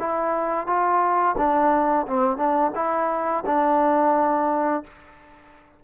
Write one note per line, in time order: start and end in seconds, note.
0.00 0.67 E4
0.67 1.36 F4
1.38 2.07 D4
2.08 2.38 C4
2.38 2.72 D4
2.76 3.45 E4
3.46 4.84 D4